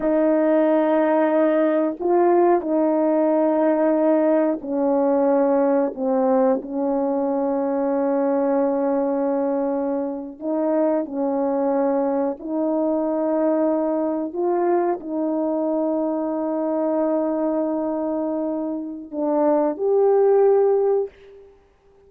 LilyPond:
\new Staff \with { instrumentName = "horn" } { \time 4/4 \tempo 4 = 91 dis'2. f'4 | dis'2. cis'4~ | cis'4 c'4 cis'2~ | cis'2.~ cis'8. dis'16~ |
dis'8. cis'2 dis'4~ dis'16~ | dis'4.~ dis'16 f'4 dis'4~ dis'16~ | dis'1~ | dis'4 d'4 g'2 | }